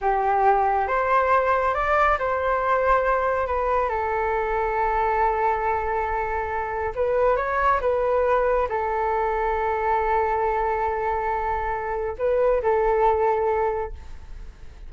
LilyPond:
\new Staff \with { instrumentName = "flute" } { \time 4/4 \tempo 4 = 138 g'2 c''2 | d''4 c''2. | b'4 a'2.~ | a'1 |
b'4 cis''4 b'2 | a'1~ | a'1 | b'4 a'2. | }